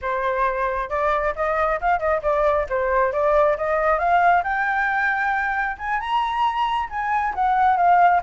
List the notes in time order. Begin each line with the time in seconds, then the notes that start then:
0.01 C5
0.89 D5
1.35 D#5
1.80 F5
1.99 D#5
2.22 D5
2.69 C5
3.12 D5
3.57 D#5
3.99 F5
4.43 G5
5.78 G#5
6.00 A#5
6.89 G#5
7.34 F#5
7.76 F5